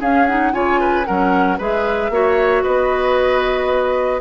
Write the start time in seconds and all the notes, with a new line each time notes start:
0.00 C#4 G#4 F5
0.27 D#4 F#5
0.53 C#3 F4 C#5 G#5
0.81 B4
1.06 F#3 C#4 A#4 F#5
1.58 G#3 G#4 B4 E5
2.10 A#3 F#4 C#5
2.63 B3 B4 D#5